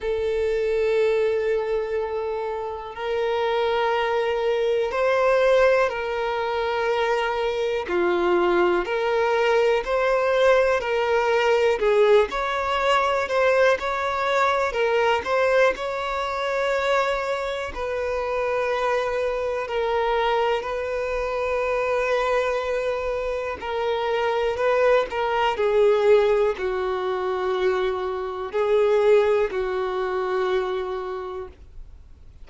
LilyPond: \new Staff \with { instrumentName = "violin" } { \time 4/4 \tempo 4 = 61 a'2. ais'4~ | ais'4 c''4 ais'2 | f'4 ais'4 c''4 ais'4 | gis'8 cis''4 c''8 cis''4 ais'8 c''8 |
cis''2 b'2 | ais'4 b'2. | ais'4 b'8 ais'8 gis'4 fis'4~ | fis'4 gis'4 fis'2 | }